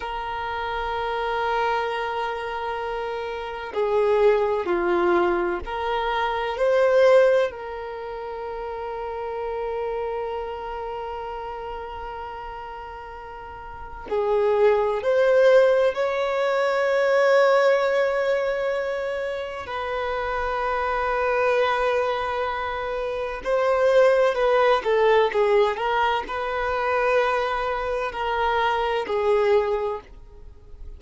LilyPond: \new Staff \with { instrumentName = "violin" } { \time 4/4 \tempo 4 = 64 ais'1 | gis'4 f'4 ais'4 c''4 | ais'1~ | ais'2. gis'4 |
c''4 cis''2.~ | cis''4 b'2.~ | b'4 c''4 b'8 a'8 gis'8 ais'8 | b'2 ais'4 gis'4 | }